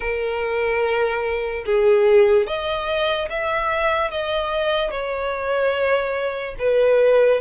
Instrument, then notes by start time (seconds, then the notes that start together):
violin
0.00 A#4
1.65 G#4
2.46 D#5
3.29 E5
4.10 D#5
4.91 C#5
6.59 B4